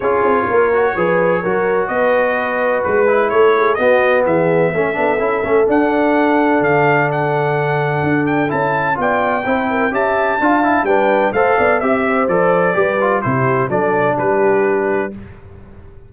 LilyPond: <<
  \new Staff \with { instrumentName = "trumpet" } { \time 4/4 \tempo 4 = 127 cis''1 | dis''2 b'4 cis''4 | dis''4 e''2. | fis''2 f''4 fis''4~ |
fis''4. g''8 a''4 g''4~ | g''4 a''2 g''4 | f''4 e''4 d''2 | c''4 d''4 b'2 | }
  \new Staff \with { instrumentName = "horn" } { \time 4/4 gis'4 ais'4 b'4 ais'4 | b'2. a'8 gis'8 | fis'4 gis'4 a'2~ | a'1~ |
a'2. d''4 | c''8 ais'8 e''4 f''4 b'4 | c''8 d''8 e''8 c''4. b'4 | g'4 a'4 g'2 | }
  \new Staff \with { instrumentName = "trombone" } { \time 4/4 f'4. fis'8 gis'4 fis'4~ | fis'2~ fis'8 e'4. | b2 cis'8 d'8 e'8 cis'8 | d'1~ |
d'2 e'4 f'4 | e'4 g'4 f'8 e'8 d'4 | a'4 g'4 a'4 g'8 f'8 | e'4 d'2. | }
  \new Staff \with { instrumentName = "tuba" } { \time 4/4 cis'8 c'8 ais4 f4 fis4 | b2 gis4 a4 | b4 e4 a8 b8 cis'8 a8 | d'2 d2~ |
d4 d'4 cis'4 b4 | c'4 cis'4 d'4 g4 | a8 b8 c'4 f4 g4 | c4 fis4 g2 | }
>>